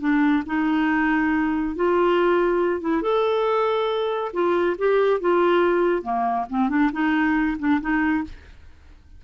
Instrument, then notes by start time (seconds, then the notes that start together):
clarinet
0.00 D4
0.46 D#4
1.76 F4
2.81 E4
3.02 A4
4.33 F4
4.78 G4
5.21 F4
6.03 A#3
6.50 C4
6.70 D4
6.93 D#4
7.59 D4
7.81 D#4